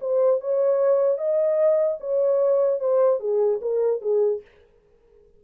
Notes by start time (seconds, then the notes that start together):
0.00 C5
0.40 C#5
1.18 D#5
2.00 C#5
2.80 C5
3.20 G#4
3.61 A#4
4.01 G#4